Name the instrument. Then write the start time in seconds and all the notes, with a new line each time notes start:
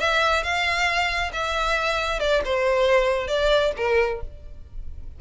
violin
0.00 E5
0.43 F5
1.33 E5
2.20 D5
2.45 C5
3.28 D5
3.77 A#4